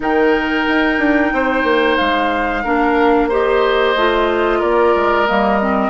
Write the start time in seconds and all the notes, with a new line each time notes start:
0.00 D#3 D#4 A#4 G5
0.67 D#4
0.98 D4
1.32 C4 C5
1.63 A#3
1.96 G#3 F5
2.63 A#3 D4 A#4
3.28 G4 C5 D#5
3.95 A3 F4
4.59 A#3 A#4 D5
4.95 G#3
5.27 G3 A#3 D#5
5.60 C4